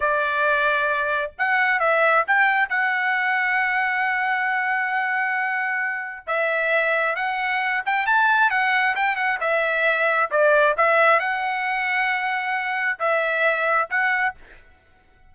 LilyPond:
\new Staff \with { instrumentName = "trumpet" } { \time 4/4 \tempo 4 = 134 d''2. fis''4 | e''4 g''4 fis''2~ | fis''1~ | fis''2 e''2 |
fis''4. g''8 a''4 fis''4 | g''8 fis''8 e''2 d''4 | e''4 fis''2.~ | fis''4 e''2 fis''4 | }